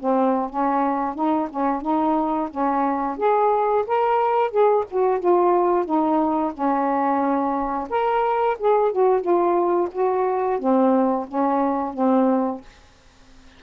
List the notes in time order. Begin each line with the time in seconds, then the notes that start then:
0.00 C4
0.50 C#4
1.15 D#4
1.50 C#4
1.82 D#4
2.51 C#4
3.17 G#4
3.87 A#4
4.51 G#4
4.91 F#4
5.20 F4
5.86 D#4
6.54 C#4
7.90 A#4
8.59 G#4
8.92 F#4
9.21 F4
9.92 F#4
10.59 C4
11.28 C#4
11.94 C4